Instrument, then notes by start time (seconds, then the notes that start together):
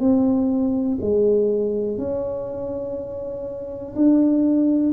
tuba
0.00 C4
1.01 G#3
1.98 C#4
3.96 D4